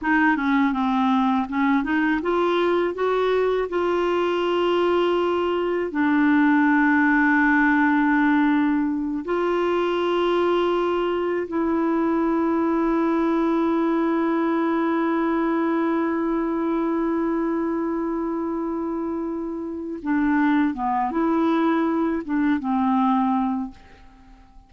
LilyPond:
\new Staff \with { instrumentName = "clarinet" } { \time 4/4 \tempo 4 = 81 dis'8 cis'8 c'4 cis'8 dis'8 f'4 | fis'4 f'2. | d'1~ | d'8 f'2. e'8~ |
e'1~ | e'1~ | e'2. d'4 | b8 e'4. d'8 c'4. | }